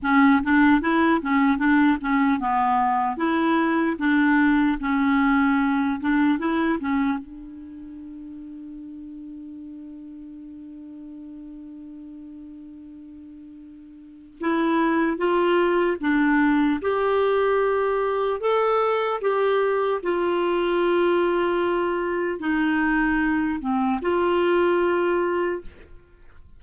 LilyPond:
\new Staff \with { instrumentName = "clarinet" } { \time 4/4 \tempo 4 = 75 cis'8 d'8 e'8 cis'8 d'8 cis'8 b4 | e'4 d'4 cis'4. d'8 | e'8 cis'8 d'2.~ | d'1~ |
d'2 e'4 f'4 | d'4 g'2 a'4 | g'4 f'2. | dis'4. c'8 f'2 | }